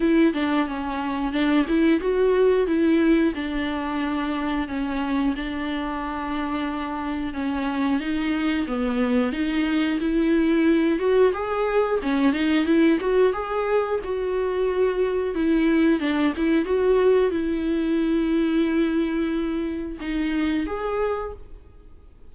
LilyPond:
\new Staff \with { instrumentName = "viola" } { \time 4/4 \tempo 4 = 90 e'8 d'8 cis'4 d'8 e'8 fis'4 | e'4 d'2 cis'4 | d'2. cis'4 | dis'4 b4 dis'4 e'4~ |
e'8 fis'8 gis'4 cis'8 dis'8 e'8 fis'8 | gis'4 fis'2 e'4 | d'8 e'8 fis'4 e'2~ | e'2 dis'4 gis'4 | }